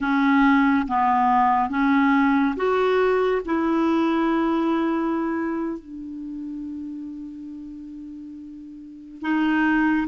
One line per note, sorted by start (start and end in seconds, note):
0.00 0.86 C#4
0.87 1.69 B3
1.69 2.55 C#4
2.56 3.42 F#4
3.45 5.79 E4
5.79 9.21 D4
9.21 10.07 D#4